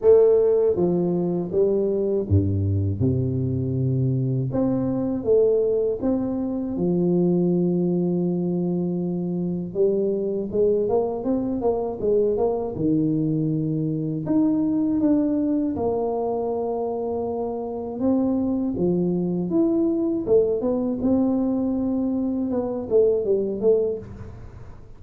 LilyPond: \new Staff \with { instrumentName = "tuba" } { \time 4/4 \tempo 4 = 80 a4 f4 g4 g,4 | c2 c'4 a4 | c'4 f2.~ | f4 g4 gis8 ais8 c'8 ais8 |
gis8 ais8 dis2 dis'4 | d'4 ais2. | c'4 f4 e'4 a8 b8 | c'2 b8 a8 g8 a8 | }